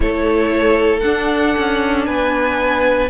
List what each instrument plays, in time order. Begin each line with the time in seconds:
0.00 cello A3, viola E4, violin A4 C#5
1.00 viola D4, cello D4, violin F#5
1.57 cello C#4
2.05 cello B3, violin B4 G#5